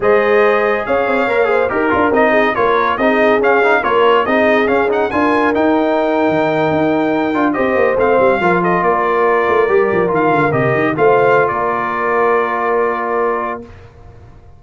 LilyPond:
<<
  \new Staff \with { instrumentName = "trumpet" } { \time 4/4 \tempo 4 = 141 dis''2 f''2 | ais'4 dis''4 cis''4 dis''4 | f''4 cis''4 dis''4 f''8 fis''8 | gis''4 g''2.~ |
g''4.~ g''16 dis''4 f''4~ f''16~ | f''16 dis''8 d''2. f''16~ | f''8. dis''4 f''4~ f''16 d''4~ | d''1 | }
  \new Staff \with { instrumentName = "horn" } { \time 4/4 c''2 cis''4. c''8 | ais'4. gis'8 ais'4 gis'4~ | gis'4 ais'4 gis'2 | ais'1~ |
ais'4.~ ais'16 c''2 ais'16~ | ais'16 a'8 ais'2.~ ais'16~ | ais'4.~ ais'16 c''4~ c''16 ais'4~ | ais'1 | }
  \new Staff \with { instrumentName = "trombone" } { \time 4/4 gis'2. ais'8 gis'8 | g'8 f'8 dis'4 f'4 dis'4 | cis'8 dis'8 f'4 dis'4 cis'8 dis'8 | f'4 dis'2.~ |
dis'4~ dis'16 f'8 g'4 c'4 f'16~ | f'2~ f'8. g'4 f'16~ | f'8. g'4 f'2~ f'16~ | f'1 | }
  \new Staff \with { instrumentName = "tuba" } { \time 4/4 gis2 cis'8 c'8 ais4 | dis'8 d'8 c'4 ais4 c'4 | cis'4 ais4 c'4 cis'4 | d'4 dis'4.~ dis'16 dis4 dis'16~ |
dis'4~ dis'16 d'8 c'8 ais8 a8 g8 f16~ | f8. ais4. a8 g8 f8 dis16~ | dis16 d8 c8 dis8 a4~ a16 ais4~ | ais1 | }
>>